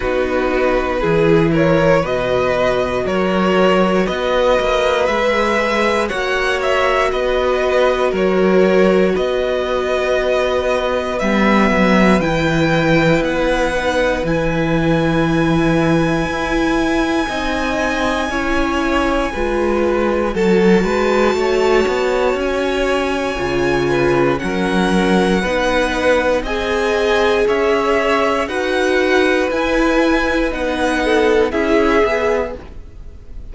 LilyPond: <<
  \new Staff \with { instrumentName = "violin" } { \time 4/4 \tempo 4 = 59 b'4. cis''8 dis''4 cis''4 | dis''4 e''4 fis''8 e''8 dis''4 | cis''4 dis''2 e''4 | g''4 fis''4 gis''2~ |
gis''1 | a''2 gis''2 | fis''2 gis''4 e''4 | fis''4 gis''4 fis''4 e''4 | }
  \new Staff \with { instrumentName = "violin" } { \time 4/4 fis'4 gis'8 ais'8 b'4 ais'4 | b'2 cis''4 b'4 | ais'4 b'2.~ | b'1~ |
b'4 dis''4 cis''4 b'4 | a'8 b'8 cis''2~ cis''8 b'8 | ais'4 b'4 dis''4 cis''4 | b'2~ b'8 a'8 gis'4 | }
  \new Staff \with { instrumentName = "viola" } { \time 4/4 dis'4 e'4 fis'2~ | fis'4 gis'4 fis'2~ | fis'2. b4 | e'4. dis'8 e'2~ |
e'4 dis'4 e'4 f'4 | fis'2. f'4 | cis'4 dis'4 gis'2 | fis'4 e'4 dis'4 e'8 gis'8 | }
  \new Staff \with { instrumentName = "cello" } { \time 4/4 b4 e4 b,4 fis4 | b8 ais8 gis4 ais4 b4 | fis4 b2 g8 fis8 | e4 b4 e2 |
e'4 c'4 cis'4 gis4 | fis8 gis8 a8 b8 cis'4 cis4 | fis4 b4 c'4 cis'4 | dis'4 e'4 b4 cis'8 b8 | }
>>